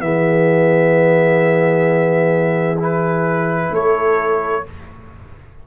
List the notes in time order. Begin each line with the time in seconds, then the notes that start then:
0.00 E3 B3 G#4 E5
2.79 E4 B4
3.71 A3 A4 C#5